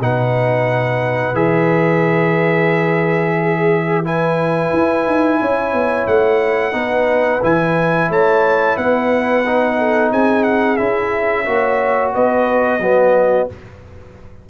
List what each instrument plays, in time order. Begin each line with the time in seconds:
0.00 tuba B2, trombone D#4, horn B4, trumpet F#5
1.34 tuba E3, trombone G#4, trumpet E5
3.40 horn G#4
4.04 trombone E4, horn B4, trumpet G#5
4.73 tuba E4
5.07 tuba D#4
5.41 tuba C#4, horn C#5
5.73 tuba B3
6.07 tuba A3, trumpet F#5
6.72 tuba B3, trombone D#4, horn B4
7.43 tuba E3, trombone E4, trumpet G#5
8.10 tuba A3, horn C#5, trumpet A5
8.77 tuba B3, horn B4, trumpet F#5
9.46 trombone D#4
9.78 horn A4
10.11 tuba C4, horn G#4, trumpet G#5
10.44 trumpet F#5
10.77 tuba C#4, trombone E4, trumpet E5
11.46 tuba A#3, trombone F#4, horn C#5
12.14 tuba B3, horn B4, trumpet D#5
12.79 tuba F#3, trombone B3, horn F#4